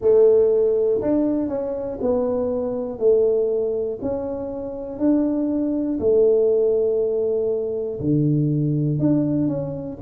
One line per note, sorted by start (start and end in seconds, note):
0.00 1.00 A3
1.01 1.48 D4
1.48 1.98 C#4
2.01 2.99 B3
2.99 3.99 A3
4.01 4.98 C#4
4.98 5.98 D4
6.00 8.00 A3
8.00 8.99 D3
8.99 9.47 D4
9.47 9.97 C#4